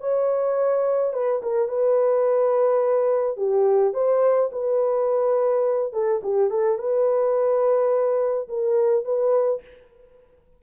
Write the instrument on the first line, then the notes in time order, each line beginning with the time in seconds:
horn
0.00 C#5
1.13 B4
1.43 A#4
1.69 B4
3.37 G4
3.94 C5
4.52 B4
5.93 A4
6.23 G4
6.51 A4
6.78 B4
8.49 A#4
9.05 B4